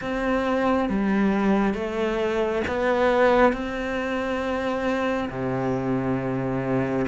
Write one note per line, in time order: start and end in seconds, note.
0.01 0.89 C4
0.89 1.74 G3
1.74 2.62 A3
2.67 3.53 B3
3.53 5.29 C4
5.29 7.06 C3